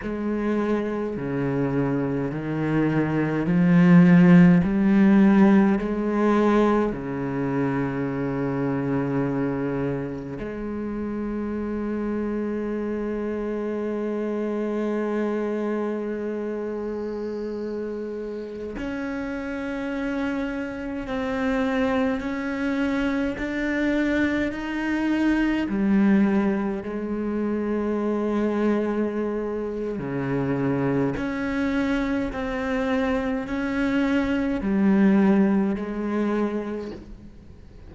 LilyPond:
\new Staff \with { instrumentName = "cello" } { \time 4/4 \tempo 4 = 52 gis4 cis4 dis4 f4 | g4 gis4 cis2~ | cis4 gis2.~ | gis1~ |
gis16 cis'2 c'4 cis'8.~ | cis'16 d'4 dis'4 g4 gis8.~ | gis2 cis4 cis'4 | c'4 cis'4 g4 gis4 | }